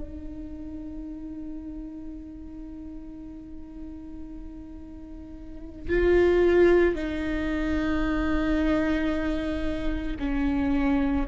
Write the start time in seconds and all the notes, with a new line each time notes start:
0.00 D#4
5.89 F4
6.95 D#4
10.19 C#4